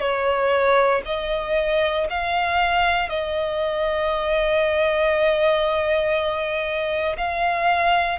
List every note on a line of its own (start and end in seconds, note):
0.00 1.02 C#5
1.05 2.07 D#5
2.10 3.10 F5
3.10 7.16 D#5
7.17 8.19 F5